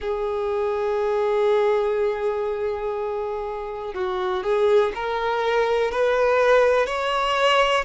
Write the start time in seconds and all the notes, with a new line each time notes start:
0.00 G#4
3.93 F#4
4.43 G#4
4.94 A#4
5.91 B4
6.86 C#5